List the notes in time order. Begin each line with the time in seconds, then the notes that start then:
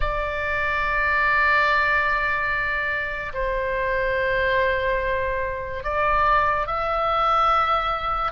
0.00 D5
3.33 C5
5.83 D5
6.67 E5